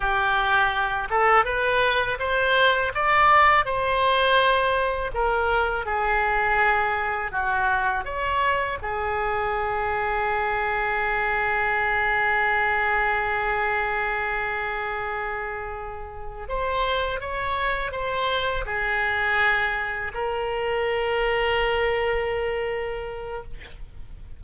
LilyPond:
\new Staff \with { instrumentName = "oboe" } { \time 4/4 \tempo 4 = 82 g'4. a'8 b'4 c''4 | d''4 c''2 ais'4 | gis'2 fis'4 cis''4 | gis'1~ |
gis'1~ | gis'2~ gis'8 c''4 cis''8~ | cis''8 c''4 gis'2 ais'8~ | ais'1 | }